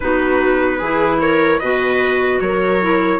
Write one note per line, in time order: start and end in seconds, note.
0.00 0.81 B3
0.00 0.81 D#4
0.00 0.78 F#4
0.00 1.20 B4
0.78 1.60 E3
0.78 1.62 E4
0.78 1.18 G#4
1.20 1.60 A#4
1.20 1.59 C#5
1.59 2.40 B2
1.59 2.81 F#4
1.59 2.40 B4
1.59 2.39 D#5
2.40 3.19 F#3
2.40 3.19 A#4
2.40 3.19 C#5
2.81 3.19 E4